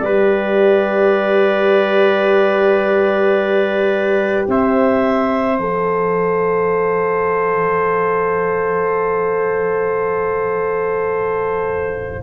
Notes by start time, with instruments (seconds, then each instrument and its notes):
0.00 tuba G3, horn G4, trumpet B4, clarinet D5
4.48 tuba C4, trumpet C5, clarinet E5
5.57 tuba F3, horn A4, clarinet F5